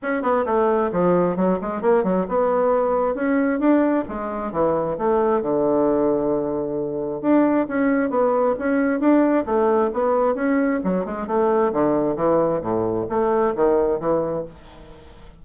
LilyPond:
\new Staff \with { instrumentName = "bassoon" } { \time 4/4 \tempo 4 = 133 cis'8 b8 a4 f4 fis8 gis8 | ais8 fis8 b2 cis'4 | d'4 gis4 e4 a4 | d1 |
d'4 cis'4 b4 cis'4 | d'4 a4 b4 cis'4 | fis8 gis8 a4 d4 e4 | a,4 a4 dis4 e4 | }